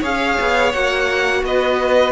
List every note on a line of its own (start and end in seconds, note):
0.00 0.39 C#4
0.00 0.73 G#4
0.00 1.41 C#5
0.00 0.73 F5
0.40 0.74 B3
0.73 1.43 A#3
0.73 2.12 F#4
0.73 1.44 F#5
1.43 2.12 B3
1.43 2.12 B4
1.43 2.12 D#5